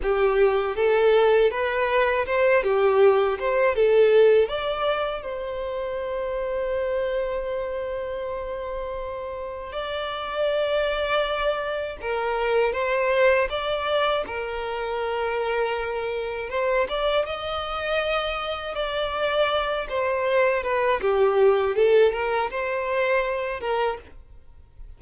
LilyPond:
\new Staff \with { instrumentName = "violin" } { \time 4/4 \tempo 4 = 80 g'4 a'4 b'4 c''8 g'8~ | g'8 c''8 a'4 d''4 c''4~ | c''1~ | c''4 d''2. |
ais'4 c''4 d''4 ais'4~ | ais'2 c''8 d''8 dis''4~ | dis''4 d''4. c''4 b'8 | g'4 a'8 ais'8 c''4. ais'8 | }